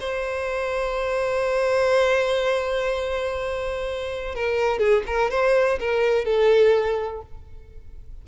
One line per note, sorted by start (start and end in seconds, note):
0.00 4.35 C5
4.35 4.78 A#4
4.78 5.03 G#4
5.06 5.30 A#4
5.30 5.79 C5
5.80 6.25 A#4
6.25 7.22 A4